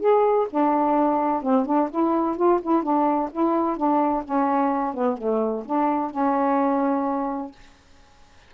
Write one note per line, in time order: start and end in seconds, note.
0.00 0.47 G#4
0.50 1.42 D4
1.42 1.66 C4
1.66 1.89 D4
1.90 2.37 E4
2.37 2.60 F4
2.62 2.83 E4
2.83 3.30 D4
3.32 3.77 E4
3.77 4.24 D4
4.24 4.94 C#4
4.94 5.17 B3
5.17 5.64 A3
5.65 6.11 D4
6.11 7.51 C#4